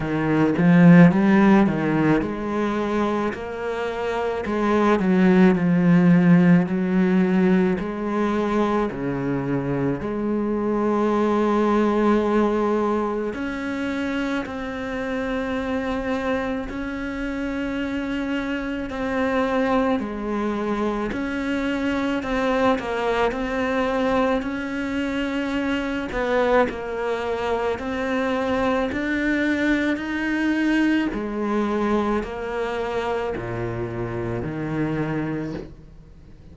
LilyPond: \new Staff \with { instrumentName = "cello" } { \time 4/4 \tempo 4 = 54 dis8 f8 g8 dis8 gis4 ais4 | gis8 fis8 f4 fis4 gis4 | cis4 gis2. | cis'4 c'2 cis'4~ |
cis'4 c'4 gis4 cis'4 | c'8 ais8 c'4 cis'4. b8 | ais4 c'4 d'4 dis'4 | gis4 ais4 ais,4 dis4 | }